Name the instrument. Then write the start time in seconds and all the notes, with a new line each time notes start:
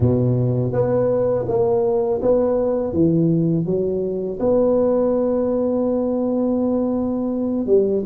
tuba
0.00 B2
0.72 B3
1.48 A#3
2.22 B3
2.93 E3
3.65 F#3
4.39 B3
7.66 G3